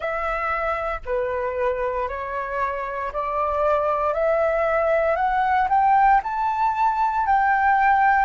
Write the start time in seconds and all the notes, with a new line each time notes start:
0.00 E5
1.05 B4
2.08 C#5
3.12 D5
4.13 E5
5.16 F#5
5.69 G5
6.23 A5
7.26 G5